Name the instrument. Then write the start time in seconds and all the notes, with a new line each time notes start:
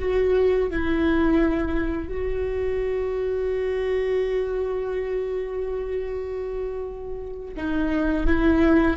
viola
0.00 F#4
0.71 E4
2.09 F#4
7.57 D#4
8.27 E4